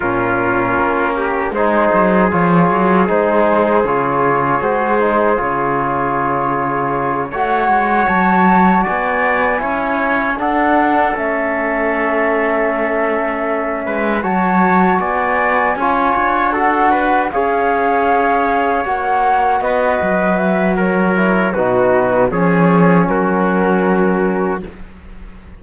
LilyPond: <<
  \new Staff \with { instrumentName = "flute" } { \time 4/4 \tempo 4 = 78 ais'2 c''4 cis''4 | c''4 cis''4 c''4 cis''4~ | cis''4. fis''4 a''4 gis''8~ | gis''4. fis''4 e''4.~ |
e''2~ e''8 a''4 gis''8~ | gis''4. fis''4 f''4.~ | f''8 fis''4 dis''4 e''8 cis''4 | b'4 cis''4 ais'2 | }
  \new Staff \with { instrumentName = "trumpet" } { \time 4/4 f'4. g'8 gis'2~ | gis'1~ | gis'4. cis''2 d''8~ | d''8 cis''4 a'2~ a'8~ |
a'2 b'8 cis''4 d''8~ | d''8 cis''4 a'8 b'8 cis''4.~ | cis''4. b'4. ais'4 | fis'4 gis'4 fis'2 | }
  \new Staff \with { instrumentName = "trombone" } { \time 4/4 cis'2 dis'4 f'4 | dis'4 f'4 fis'8 dis'8 f'4~ | f'4. fis'2~ fis'8~ | fis'8 e'4 d'4 cis'4.~ |
cis'2~ cis'8 fis'4.~ | fis'8 f'4 fis'4 gis'4.~ | gis'8 fis'2. e'8 | dis'4 cis'2. | }
  \new Staff \with { instrumentName = "cello" } { \time 4/4 ais,4 ais4 gis8 fis8 f8 fis8 | gis4 cis4 gis4 cis4~ | cis4. a8 gis8 fis4 b8~ | b8 cis'4 d'4 a4.~ |
a2 gis8 fis4 b8~ | b8 cis'8 d'4. cis'4.~ | cis'8 ais4 b8 fis2 | b,4 f4 fis2 | }
>>